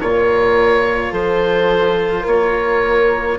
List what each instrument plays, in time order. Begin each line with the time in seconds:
0.00 bassoon A#2, cello F4, horn A#4, oboe C#5
1.11 bassoon F3, horn A4, oboe C5
2.21 bassoon A#3, horn A#4, oboe C#5